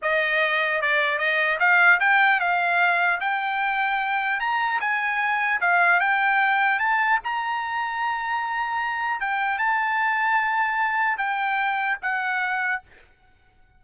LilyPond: \new Staff \with { instrumentName = "trumpet" } { \time 4/4 \tempo 4 = 150 dis''2 d''4 dis''4 | f''4 g''4 f''2 | g''2. ais''4 | gis''2 f''4 g''4~ |
g''4 a''4 ais''2~ | ais''2. g''4 | a''1 | g''2 fis''2 | }